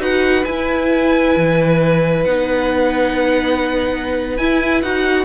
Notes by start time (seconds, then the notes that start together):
0.00 D#4 F#4 B4 F#5
0.45 E4 G#5
1.37 E3
2.25 B3 D#4 F#5
4.37 E4 G#5
4.83 D#4 F#4 F#5